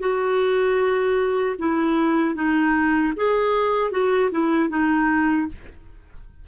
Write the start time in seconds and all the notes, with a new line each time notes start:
0.00 F#4
1.58 E4
2.35 D#4
3.16 G#4
3.91 F#4
4.31 E4
4.69 D#4